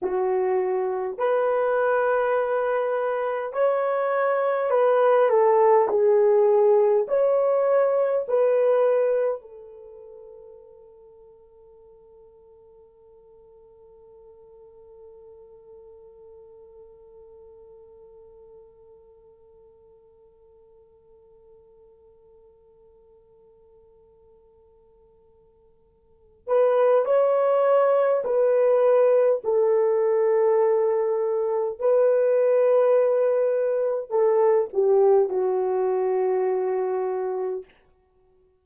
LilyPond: \new Staff \with { instrumentName = "horn" } { \time 4/4 \tempo 4 = 51 fis'4 b'2 cis''4 | b'8 a'8 gis'4 cis''4 b'4 | a'1~ | a'1~ |
a'1~ | a'2~ a'8 b'8 cis''4 | b'4 a'2 b'4~ | b'4 a'8 g'8 fis'2 | }